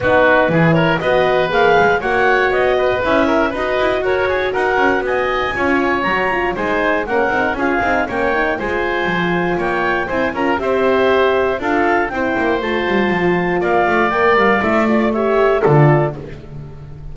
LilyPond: <<
  \new Staff \with { instrumentName = "clarinet" } { \time 4/4 \tempo 4 = 119 b'4. cis''8 dis''4 f''4 | fis''4 dis''4 e''4 dis''4 | cis''4 fis''4 gis''2 | ais''4 gis''4 fis''4 f''4 |
g''4 gis''2 g''4 | gis''8 ais''8 e''2 f''4 | g''4 a''2 f''4 | g''8 f''8 e''8 d''8 e''4 d''4 | }
  \new Staff \with { instrumentName = "oboe" } { \time 4/4 fis'4 gis'8 ais'8 b'2 | cis''4. b'4 ais'8 b'4 | ais'8 gis'8 ais'4 dis''4 cis''4~ | cis''4 c''4 ais'4 gis'4 |
cis''4 c''2 cis''4 | c''8 ais'8 c''2 a'4 | c''2. d''4~ | d''2 cis''4 a'4 | }
  \new Staff \with { instrumentName = "horn" } { \time 4/4 dis'4 e'4 fis'4 gis'4 | fis'2 e'4 fis'4~ | fis'2. f'4 | fis'8 f'8 dis'4 cis'8 dis'8 f'8 dis'8 |
cis'8 dis'8 f'2. | e'8 f'8 g'2 f'4 | e'4 f'2. | ais'4 e'8 f'8 g'4 f'4 | }
  \new Staff \with { instrumentName = "double bass" } { \time 4/4 b4 e4 b4 ais8 gis8 | ais4 b4 cis'4 dis'8 e'8 | fis'4 dis'8 cis'8 b4 cis'4 | fis4 gis4 ais8 c'8 cis'8 c'8 |
ais4 gis4 f4 ais4 | c'8 cis'8 c'2 d'4 | c'8 ais8 a8 g8 f4 ais8 a8 | ais8 g8 a2 d4 | }
>>